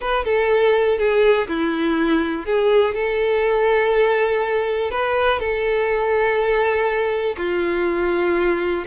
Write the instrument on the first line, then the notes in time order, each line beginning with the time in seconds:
violin
0.00 B4
0.25 A4
0.98 G#4
1.48 E4
2.45 G#4
2.94 A4
4.90 B4
5.39 A4
7.37 F4